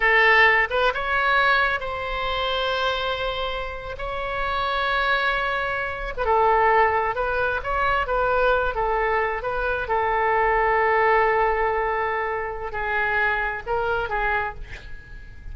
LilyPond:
\new Staff \with { instrumentName = "oboe" } { \time 4/4 \tempo 4 = 132 a'4. b'8 cis''2 | c''1~ | c''8. cis''2.~ cis''16~ | cis''4. b'16 a'2 b'16~ |
b'8. cis''4 b'4. a'8.~ | a'8. b'4 a'2~ a'16~ | a'1 | gis'2 ais'4 gis'4 | }